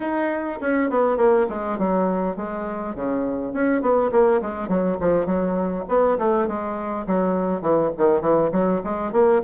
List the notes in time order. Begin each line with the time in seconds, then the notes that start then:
0.00 D#4
0.60 C#4
0.90 B3
1.17 A#3
1.49 G#3
1.78 F#3
2.36 G#3
2.95 C#3
3.53 C#4
3.81 B3
4.11 A#3
4.41 G#3
4.68 F#3
5.00 F3
5.25 F#3
5.88 B3
6.18 A3
6.47 G#3
7.06 F#3
7.61 E3
7.97 D#3
8.21 E3
8.52 F#3
8.84 G#3
9.12 A#3